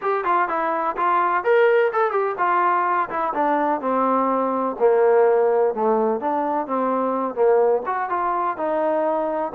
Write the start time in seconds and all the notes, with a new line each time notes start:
0.01 G4
0.24 F4
0.48 E4
0.96 F4
1.44 A#4
1.93 A4
2.11 G4
2.37 F4
3.09 E4
3.33 D4
3.81 C4
4.79 A#3
5.74 A3
6.20 D4
6.67 C4
7.34 A#3
7.85 F#4
8.09 F4
8.57 D#4